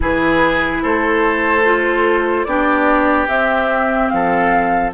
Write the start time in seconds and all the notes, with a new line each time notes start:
0.00 E3 E4 G#4 B4
0.82 A3 A4 C5
1.64 F4
2.44 B3 D4 G4 D5
3.27 C4 E5
4.08 F3 A4 F5